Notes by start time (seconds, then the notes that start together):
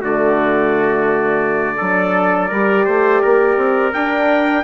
0.00 D3 A3 F#4 D5
1.77 F#3 D4 A4
2.48 G3 G4 A#4
2.85 A3 C5
3.22 A#3 A#4
3.57 C4
3.93 D4 G5